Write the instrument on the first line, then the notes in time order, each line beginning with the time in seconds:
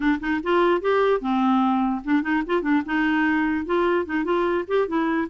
clarinet
0.00 D4
0.20 D#4
0.43 F4
0.81 G4
1.21 C4
2.04 D4
2.22 D#4
2.46 F4
2.62 D4
2.85 D#4
3.65 F4
4.05 D#4
4.24 F4
4.67 G4
4.87 E4